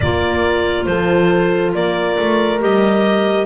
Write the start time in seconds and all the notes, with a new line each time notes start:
0.00 A#3 F4 A#4 D5
0.85 F3 A4 C5
1.74 A#3 A#4 D5
2.18 A3
2.59 G3 G4 D#5